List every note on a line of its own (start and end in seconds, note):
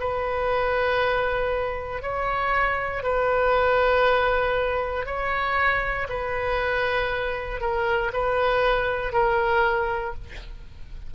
0.00 2.02 B4
2.02 3.03 C#5
3.03 5.06 B4
5.06 6.08 C#5
6.09 7.61 B4
7.61 8.12 A#4
8.13 9.13 B4
9.13 10.15 A#4